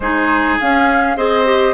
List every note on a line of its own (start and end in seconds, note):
0.00 0.58 G#3
0.00 0.60 D#4
0.00 1.17 G#4
0.00 0.57 C5
0.60 1.17 C#4
0.60 1.16 C#4
0.60 1.17 F5
1.16 1.74 C4
1.16 1.45 G#4
1.16 1.74 C5
1.16 1.74 D#5
1.45 1.74 G4